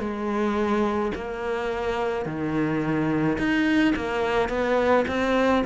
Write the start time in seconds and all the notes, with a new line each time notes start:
0.00 G#3
1.15 A#3
2.26 D#3
3.38 D#4
3.96 A#3
4.49 B3
5.08 C4